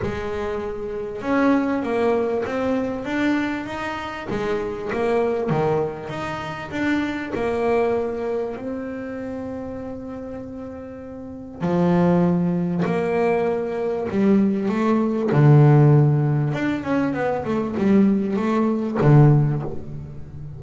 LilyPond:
\new Staff \with { instrumentName = "double bass" } { \time 4/4 \tempo 4 = 98 gis2 cis'4 ais4 | c'4 d'4 dis'4 gis4 | ais4 dis4 dis'4 d'4 | ais2 c'2~ |
c'2. f4~ | f4 ais2 g4 | a4 d2 d'8 cis'8 | b8 a8 g4 a4 d4 | }